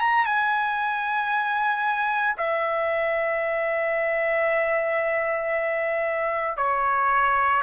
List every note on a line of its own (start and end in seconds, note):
0.00 0.25 A#5
0.25 2.36 G#5
2.37 6.57 E5
6.57 7.62 C#5